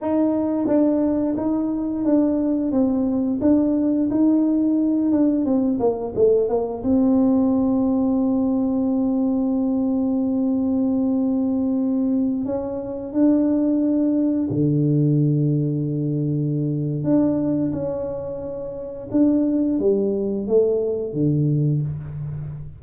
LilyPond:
\new Staff \with { instrumentName = "tuba" } { \time 4/4 \tempo 4 = 88 dis'4 d'4 dis'4 d'4 | c'4 d'4 dis'4. d'8 | c'8 ais8 a8 ais8 c'2~ | c'1~ |
c'2~ c'16 cis'4 d'8.~ | d'4~ d'16 d2~ d8.~ | d4 d'4 cis'2 | d'4 g4 a4 d4 | }